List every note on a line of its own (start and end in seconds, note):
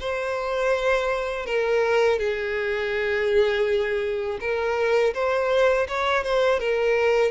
0.00 1.46 C5
1.46 2.19 A#4
2.19 4.38 G#4
4.40 5.14 A#4
5.14 5.87 C5
5.88 6.24 C#5
6.24 6.60 C5
6.60 7.31 A#4